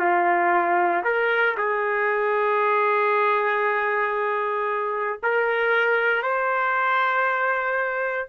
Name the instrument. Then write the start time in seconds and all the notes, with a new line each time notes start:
trumpet
0.00 F4
1.04 A#4
1.57 G#4
5.22 A#4
6.23 C5